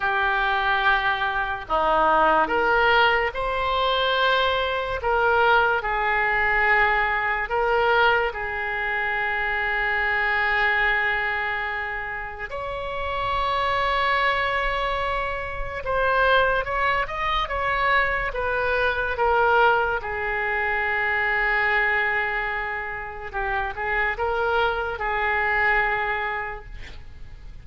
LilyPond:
\new Staff \with { instrumentName = "oboe" } { \time 4/4 \tempo 4 = 72 g'2 dis'4 ais'4 | c''2 ais'4 gis'4~ | gis'4 ais'4 gis'2~ | gis'2. cis''4~ |
cis''2. c''4 | cis''8 dis''8 cis''4 b'4 ais'4 | gis'1 | g'8 gis'8 ais'4 gis'2 | }